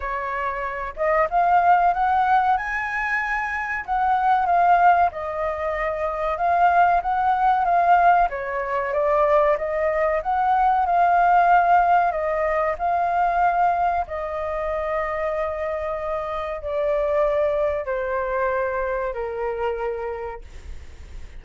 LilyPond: \new Staff \with { instrumentName = "flute" } { \time 4/4 \tempo 4 = 94 cis''4. dis''8 f''4 fis''4 | gis''2 fis''4 f''4 | dis''2 f''4 fis''4 | f''4 cis''4 d''4 dis''4 |
fis''4 f''2 dis''4 | f''2 dis''2~ | dis''2 d''2 | c''2 ais'2 | }